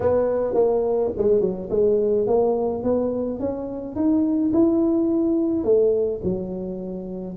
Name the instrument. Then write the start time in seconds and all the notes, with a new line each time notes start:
tuba
0.00 B3
0.54 A#3
1.17 G#3
1.40 F#3
1.70 G#3
2.26 A#3
2.83 B3
3.39 C#4
3.95 D#4
4.53 E4
5.64 A3
6.23 F#3